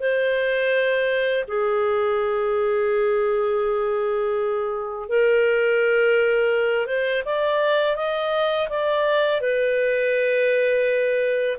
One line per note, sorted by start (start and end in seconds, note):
0.00 1.45 C5
1.48 5.09 G#4
5.09 6.86 A#4
6.86 7.23 C5
7.25 7.96 D5
7.96 8.68 D#5
8.69 9.41 D5
9.41 11.58 B4